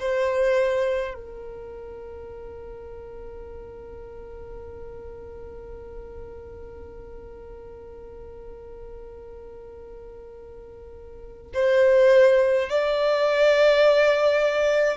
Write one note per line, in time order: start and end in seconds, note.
0.00 1.14 C5
1.14 11.53 A#4
11.54 12.69 C5
12.70 14.97 D5